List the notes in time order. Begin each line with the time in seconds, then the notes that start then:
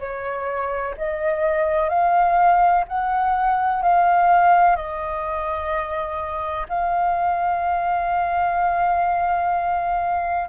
0.00 C#5
0.97 D#5
1.89 F5
2.88 F#5
3.82 F5
4.76 D#5
6.69 F5